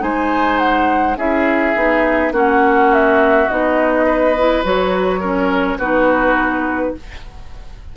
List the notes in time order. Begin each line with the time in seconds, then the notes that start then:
0.00 G#3 D#4 C5 G#5
0.59 F#5
1.17 C#4 E4 G#4 E5
1.76 B3 D#4
2.32 A#3 C#4 F#4 F#5
2.94 E5
3.49 B3 D#4 D#5
4.06 B4
4.38 E4
4.63 F#3 F#4 C#5
5.20 C#4 A#4
5.78 B3 D#4 F#4 B4